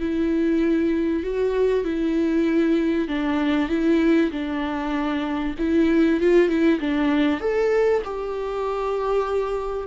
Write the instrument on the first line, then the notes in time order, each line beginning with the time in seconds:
viola
0.00 E4
1.23 F#4
1.84 E4
3.08 D4
3.69 E4
4.31 D4
5.58 E4
6.20 F4
6.48 E4
6.80 D4
7.40 A4
8.04 G4